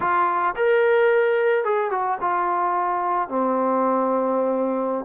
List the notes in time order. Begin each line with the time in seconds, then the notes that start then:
0.00 F4
0.56 A#4
1.64 G#4
1.90 F#4
2.20 F4
3.29 C4